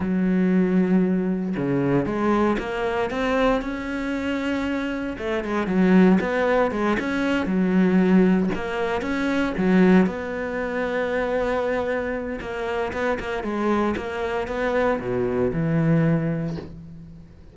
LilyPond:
\new Staff \with { instrumentName = "cello" } { \time 4/4 \tempo 4 = 116 fis2. cis4 | gis4 ais4 c'4 cis'4~ | cis'2 a8 gis8 fis4 | b4 gis8 cis'4 fis4.~ |
fis8 ais4 cis'4 fis4 b8~ | b1 | ais4 b8 ais8 gis4 ais4 | b4 b,4 e2 | }